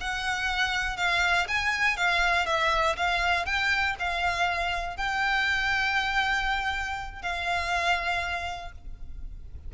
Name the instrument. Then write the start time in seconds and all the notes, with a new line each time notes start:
violin
0.00 F#5
0.97 F5
1.48 G#5
1.97 F5
2.46 E5
2.96 F5
3.45 G5
3.99 F5
4.97 G5
7.22 F5